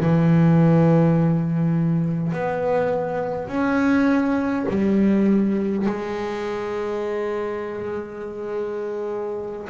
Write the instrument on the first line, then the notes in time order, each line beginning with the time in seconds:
double bass
0.00 E3
2.32 B3
3.48 C#4
4.69 G3
5.86 G#3